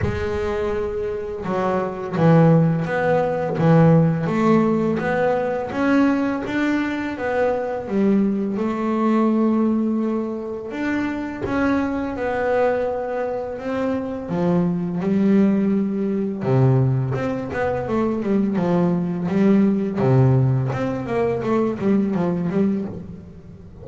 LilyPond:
\new Staff \with { instrumentName = "double bass" } { \time 4/4 \tempo 4 = 84 gis2 fis4 e4 | b4 e4 a4 b4 | cis'4 d'4 b4 g4 | a2. d'4 |
cis'4 b2 c'4 | f4 g2 c4 | c'8 b8 a8 g8 f4 g4 | c4 c'8 ais8 a8 g8 f8 g8 | }